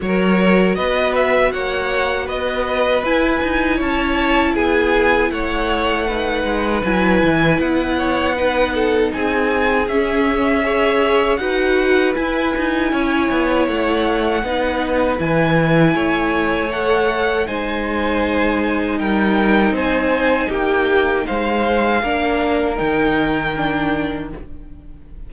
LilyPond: <<
  \new Staff \with { instrumentName = "violin" } { \time 4/4 \tempo 4 = 79 cis''4 dis''8 e''8 fis''4 dis''4 | gis''4 a''4 gis''4 fis''4~ | fis''4 gis''4 fis''2 | gis''4 e''2 fis''4 |
gis''2 fis''2 | gis''2 fis''4 gis''4~ | gis''4 g''4 gis''4 g''4 | f''2 g''2 | }
  \new Staff \with { instrumentName = "violin" } { \time 4/4 ais'4 b'4 cis''4 b'4~ | b'4 cis''4 gis'4 cis''4 | b'2~ b'8 cis''8 b'8 a'8 | gis'2 cis''4 b'4~ |
b'4 cis''2 b'4~ | b'4 cis''2 c''4~ | c''4 ais'4 c''4 g'4 | c''4 ais'2. | }
  \new Staff \with { instrumentName = "viola" } { \time 4/4 fis'1 | e'1 | dis'4 e'2 dis'4~ | dis'4 cis'4 gis'4 fis'4 |
e'2. dis'4 | e'2 a'4 dis'4~ | dis'1~ | dis'4 d'4 dis'4 d'4 | }
  \new Staff \with { instrumentName = "cello" } { \time 4/4 fis4 b4 ais4 b4 | e'8 dis'8 cis'4 b4 a4~ | a8 gis8 fis8 e8 b2 | c'4 cis'2 dis'4 |
e'8 dis'8 cis'8 b8 a4 b4 | e4 a2 gis4~ | gis4 g4 c'4 ais4 | gis4 ais4 dis2 | }
>>